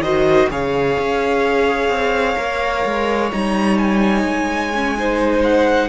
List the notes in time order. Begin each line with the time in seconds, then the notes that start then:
0.00 D#3 F#4 C5 D#5
0.50 C#3 G#4 C#5 F5
0.99 C#4
1.89 C4
2.37 A#3 A#4
2.85 G#3
3.31 G3 D#4 A#5
3.78 G#5
4.23 G#3
4.74 C#4
4.97 D#4 C5
5.44 F#5